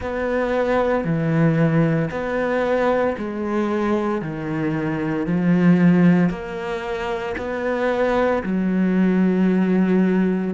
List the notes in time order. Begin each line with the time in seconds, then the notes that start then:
0.00 B3
1.04 E3
2.11 B3
3.17 G#3
4.21 D#3
5.26 F3
6.29 A#3
7.37 B3
8.43 F#3